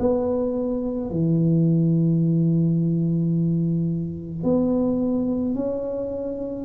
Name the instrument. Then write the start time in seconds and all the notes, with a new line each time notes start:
tuba
0.00 B3
1.10 E3
4.43 B3
5.55 C#4